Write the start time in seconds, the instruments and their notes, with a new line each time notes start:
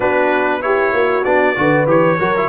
0.00 tuba B3, trombone D4, horn F#4, trumpet B4
0.61 trombone E4, horn G4, trumpet C#5
0.93 tuba A#3, horn F#4
1.23 tuba B3, trombone D4, trumpet D5
1.55 tuba D3, trombone F#4, horn B4
1.87 tuba E3, trombone G4, trumpet C#5
2.19 tuba F#3, trombone F#4, horn A#4
2.37 trombone E4